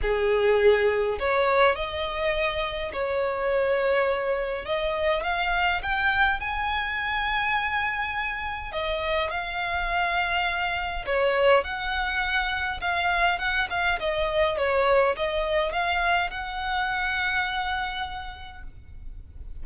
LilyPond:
\new Staff \with { instrumentName = "violin" } { \time 4/4 \tempo 4 = 103 gis'2 cis''4 dis''4~ | dis''4 cis''2. | dis''4 f''4 g''4 gis''4~ | gis''2. dis''4 |
f''2. cis''4 | fis''2 f''4 fis''8 f''8 | dis''4 cis''4 dis''4 f''4 | fis''1 | }